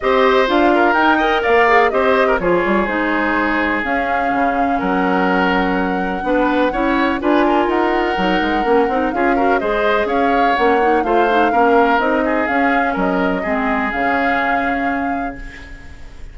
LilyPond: <<
  \new Staff \with { instrumentName = "flute" } { \time 4/4 \tempo 4 = 125 dis''4 f''4 g''4 f''4 | dis''4 cis''4 c''2 | f''2 fis''2~ | fis''2. gis''4 |
fis''2. f''4 | dis''4 f''4 fis''4 f''4~ | f''4 dis''4 f''4 dis''4~ | dis''4 f''2. | }
  \new Staff \with { instrumentName = "oboe" } { \time 4/4 c''4. ais'4 dis''8 d''4 | c''8. ais'16 gis'2.~ | gis'2 ais'2~ | ais'4 b'4 cis''4 b'8 ais'8~ |
ais'2. gis'8 ais'8 | c''4 cis''2 c''4 | ais'4. gis'4. ais'4 | gis'1 | }
  \new Staff \with { instrumentName = "clarinet" } { \time 4/4 g'4 f'4 dis'8 ais'4 gis'8 | g'4 f'4 dis'2 | cis'1~ | cis'4 d'4 e'4 f'4~ |
f'4 dis'4 cis'8 dis'8 f'8 fis'8 | gis'2 cis'8 dis'8 f'8 dis'8 | cis'4 dis'4 cis'2 | c'4 cis'2. | }
  \new Staff \with { instrumentName = "bassoon" } { \time 4/4 c'4 d'4 dis'4 ais4 | c'4 f8 g8 gis2 | cis'4 cis4 fis2~ | fis4 b4 cis'4 d'4 |
dis'4 fis8 gis8 ais8 c'8 cis'4 | gis4 cis'4 ais4 a4 | ais4 c'4 cis'4 fis4 | gis4 cis2. | }
>>